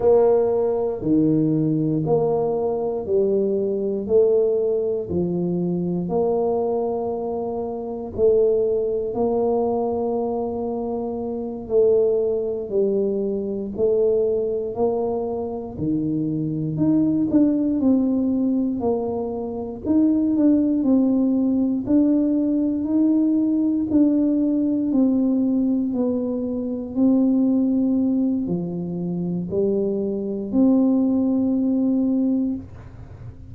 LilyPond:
\new Staff \with { instrumentName = "tuba" } { \time 4/4 \tempo 4 = 59 ais4 dis4 ais4 g4 | a4 f4 ais2 | a4 ais2~ ais8 a8~ | a8 g4 a4 ais4 dis8~ |
dis8 dis'8 d'8 c'4 ais4 dis'8 | d'8 c'4 d'4 dis'4 d'8~ | d'8 c'4 b4 c'4. | f4 g4 c'2 | }